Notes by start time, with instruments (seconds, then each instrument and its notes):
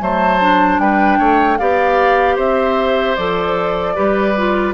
0.00 bassoon F#3, clarinet A3, oboe C5, flute A5
0.41 clarinet D4
0.79 bassoon G3, oboe B4, flute G5
1.19 bassoon A3, oboe C#5
1.58 bassoon B3, clarinet G4, oboe D5, flute F5
2.36 bassoon C4, oboe C5, flute E5
3.16 bassoon F3, clarinet A4, flute D5
3.96 bassoon G3, clarinet G4, oboe B4
4.37 clarinet F4